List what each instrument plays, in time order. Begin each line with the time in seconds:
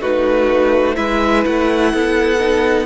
0.00 cello A3, viola D#4, violin F#4 B4
0.94 cello G#3, viola E4, violin B4 E5
1.45 cello A3, violin F#5
1.93 cello B3, violin A4
2.39 viola D#4